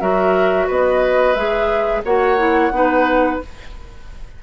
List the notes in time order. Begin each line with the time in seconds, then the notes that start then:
0.00 F#3 F#4 A#4 E5
0.67 B3 B4 D#5
1.34 G#3 G#4 E5
2.04 A#3 F#4 C#5 F#5
2.37 E4
2.71 B3 D#4 B4